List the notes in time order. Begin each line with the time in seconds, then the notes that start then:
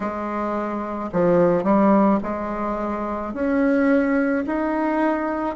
0.00 G#3
1.12 F3
1.63 G3
2.23 G#3
3.33 C#4
4.46 D#4